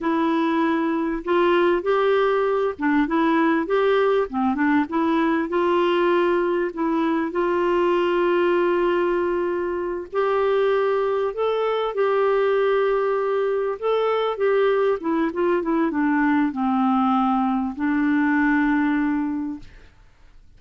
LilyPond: \new Staff \with { instrumentName = "clarinet" } { \time 4/4 \tempo 4 = 98 e'2 f'4 g'4~ | g'8 d'8 e'4 g'4 c'8 d'8 | e'4 f'2 e'4 | f'1~ |
f'8 g'2 a'4 g'8~ | g'2~ g'8 a'4 g'8~ | g'8 e'8 f'8 e'8 d'4 c'4~ | c'4 d'2. | }